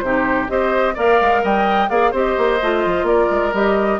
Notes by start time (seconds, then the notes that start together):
0.00 C3 D#4 G4 C5
0.48 C4 G4 C5 D#5
0.95 A#3 A#4 D5 F5
1.21 G#3
1.44 G3 D#5 G5
1.90 A#3 G#4 D5 F5
2.12 C4 G4 C5 D#5
2.38 A#3
2.62 A3 F4
2.86 F3
3.04 A#3 A#4 D5
3.31 G#3
3.53 G3 G4 D#5